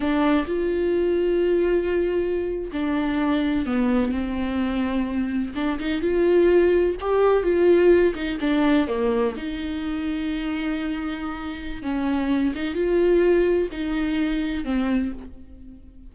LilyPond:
\new Staff \with { instrumentName = "viola" } { \time 4/4 \tempo 4 = 127 d'4 f'2.~ | f'4.~ f'16 d'2 b16~ | b8. c'2. d'16~ | d'16 dis'8 f'2 g'4 f'16~ |
f'4~ f'16 dis'8 d'4 ais4 dis'16~ | dis'1~ | dis'4 cis'4. dis'8 f'4~ | f'4 dis'2 c'4 | }